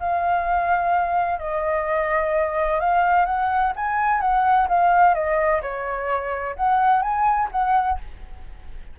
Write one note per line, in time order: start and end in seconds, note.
0.00 1.40 F5
1.40 2.80 D#5
2.80 3.26 F5
3.26 3.73 F#5
3.76 4.21 G#5
4.21 4.68 F#5
4.69 5.15 F5
5.15 5.62 D#5
5.62 6.56 C#5
6.56 7.02 F#5
7.02 7.49 G#5
7.52 7.99 F#5